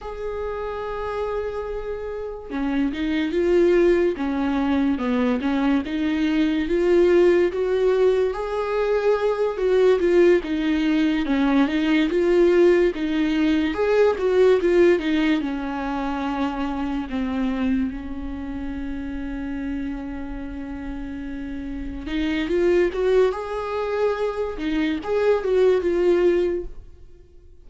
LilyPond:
\new Staff \with { instrumentName = "viola" } { \time 4/4 \tempo 4 = 72 gis'2. cis'8 dis'8 | f'4 cis'4 b8 cis'8 dis'4 | f'4 fis'4 gis'4. fis'8 | f'8 dis'4 cis'8 dis'8 f'4 dis'8~ |
dis'8 gis'8 fis'8 f'8 dis'8 cis'4.~ | cis'8 c'4 cis'2~ cis'8~ | cis'2~ cis'8 dis'8 f'8 fis'8 | gis'4. dis'8 gis'8 fis'8 f'4 | }